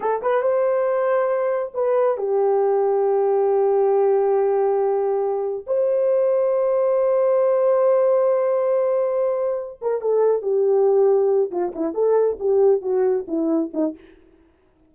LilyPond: \new Staff \with { instrumentName = "horn" } { \time 4/4 \tempo 4 = 138 a'8 b'8 c''2. | b'4 g'2.~ | g'1~ | g'4 c''2.~ |
c''1~ | c''2~ c''8 ais'8 a'4 | g'2~ g'8 f'8 e'8 a'8~ | a'8 g'4 fis'4 e'4 dis'8 | }